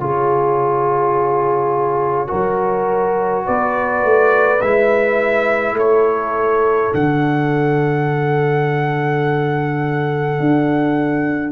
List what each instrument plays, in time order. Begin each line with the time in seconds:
0.00 tuba C#3, trombone F4, horn G#4, trumpet C#5
2.27 tuba F#3, trombone F#4, horn A#4
3.45 tuba B3, horn B4, trumpet D5
4.04 tuba A3
4.61 tuba G#3, trombone E4, trumpet E5
5.73 tuba A3, trumpet C#5
5.79 horn A4
6.93 tuba D3, trombone D4, trumpet F#5
10.40 tuba D4